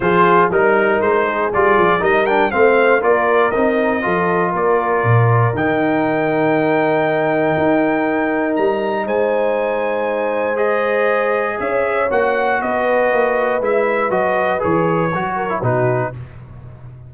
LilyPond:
<<
  \new Staff \with { instrumentName = "trumpet" } { \time 4/4 \tempo 4 = 119 c''4 ais'4 c''4 d''4 | dis''8 g''8 f''4 d''4 dis''4~ | dis''4 d''2 g''4~ | g''1~ |
g''4 ais''4 gis''2~ | gis''4 dis''2 e''4 | fis''4 dis''2 e''4 | dis''4 cis''2 b'4 | }
  \new Staff \with { instrumentName = "horn" } { \time 4/4 gis'4 ais'4. gis'4. | ais'4 c''4 ais'2 | a'4 ais'2.~ | ais'1~ |
ais'2 c''2~ | c''2. cis''4~ | cis''4 b'2.~ | b'2~ b'8 ais'8 fis'4 | }
  \new Staff \with { instrumentName = "trombone" } { \time 4/4 f'4 dis'2 f'4 | dis'8 d'8 c'4 f'4 dis'4 | f'2. dis'4~ | dis'1~ |
dis'1~ | dis'4 gis'2. | fis'2. e'4 | fis'4 gis'4 fis'8. e'16 dis'4 | }
  \new Staff \with { instrumentName = "tuba" } { \time 4/4 f4 g4 gis4 g8 f8 | g4 a4 ais4 c'4 | f4 ais4 ais,4 dis4~ | dis2. dis'4~ |
dis'4 g4 gis2~ | gis2. cis'4 | ais4 b4 ais4 gis4 | fis4 e4 fis4 b,4 | }
>>